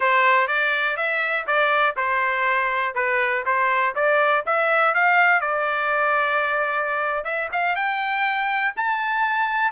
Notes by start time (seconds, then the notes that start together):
0.00 C5
0.47 D5
0.96 E5
1.46 D5
1.96 C5
2.94 B4
3.45 C5
3.95 D5
4.46 E5
4.94 F5
5.41 D5
7.24 E5
7.52 F5
7.75 G5
8.76 A5